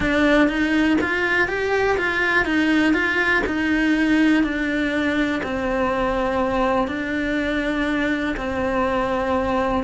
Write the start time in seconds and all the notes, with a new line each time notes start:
0.00 D4
0.48 D#4
1.01 F4
1.48 G4
1.97 F4
2.45 D#4
2.93 F4
3.46 D#4
4.43 D4
5.43 C4
6.87 D4
8.36 C4